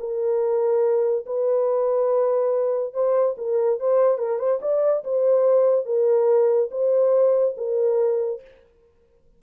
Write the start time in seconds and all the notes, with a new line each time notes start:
0.00 A#4
1.26 B4
2.94 C5
3.38 A#4
3.80 C5
4.18 A#4
4.39 C5
4.62 D5
5.05 C5
5.86 A#4
6.72 C5
7.58 A#4